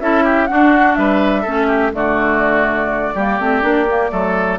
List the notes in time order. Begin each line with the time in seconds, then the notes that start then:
0.00 C#4 E4 A4 E5
0.24 G4
0.46 D4 F#4 F#5
0.95 G3 B4 E5
1.42 A3 C#4 A4
1.67 G4
1.93 D3 A3 F#4 D5
3.14 G3 A#3 G4
3.40 A3 C4
3.62 A#3 D4
3.88 A#3
4.10 F#3 A3 A4